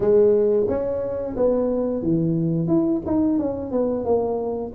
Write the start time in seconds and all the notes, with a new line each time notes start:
0.00 G#3
0.68 C#4
1.36 B3
2.02 E3
2.67 E4
3.06 D#4
3.38 C#4
3.71 B3
4.04 A#3